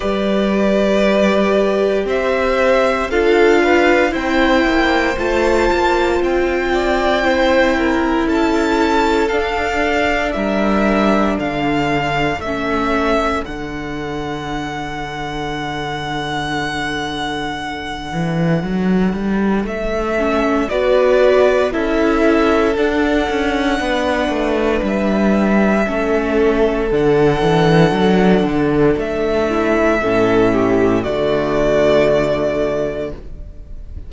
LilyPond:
<<
  \new Staff \with { instrumentName = "violin" } { \time 4/4 \tempo 4 = 58 d''2 e''4 f''4 | g''4 a''4 g''2 | a''4 f''4 e''4 f''4 | e''4 fis''2.~ |
fis''2. e''4 | d''4 e''4 fis''2 | e''2 fis''2 | e''2 d''2 | }
  \new Staff \with { instrumentName = "violin" } { \time 4/4 b'2 c''4 a'8 b'8 | c''2~ c''8 d''8 c''8 ais'8 | a'2 ais'4 a'4~ | a'1~ |
a'1 | b'4 a'2 b'4~ | b'4 a'2.~ | a'8 e'8 a'8 g'8 fis'2 | }
  \new Staff \with { instrumentName = "viola" } { \time 4/4 g'2. f'4 | e'4 f'2 e'4~ | e'4 d'2. | cis'4 d'2.~ |
d'2.~ d'8 cis'8 | fis'4 e'4 d'2~ | d'4 cis'4 d'2~ | d'4 cis'4 a2 | }
  \new Staff \with { instrumentName = "cello" } { \time 4/4 g2 c'4 d'4 | c'8 ais8 a8 ais8 c'2 | cis'4 d'4 g4 d4 | a4 d2.~ |
d4. e8 fis8 g8 a4 | b4 cis'4 d'8 cis'8 b8 a8 | g4 a4 d8 e8 fis8 d8 | a4 a,4 d2 | }
>>